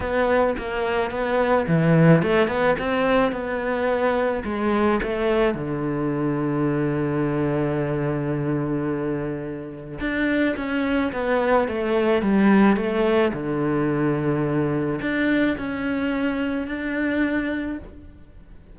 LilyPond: \new Staff \with { instrumentName = "cello" } { \time 4/4 \tempo 4 = 108 b4 ais4 b4 e4 | a8 b8 c'4 b2 | gis4 a4 d2~ | d1~ |
d2 d'4 cis'4 | b4 a4 g4 a4 | d2. d'4 | cis'2 d'2 | }